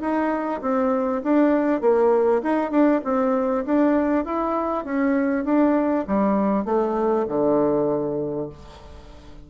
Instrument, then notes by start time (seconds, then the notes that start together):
bassoon
0.00 D#4
0.61 C4
1.23 D4
1.81 A#3
2.42 D#4
2.71 D4
3.04 C4
3.65 D4
4.25 E4
4.84 C#4
5.44 D4
6.07 G3
6.65 A3
7.28 D3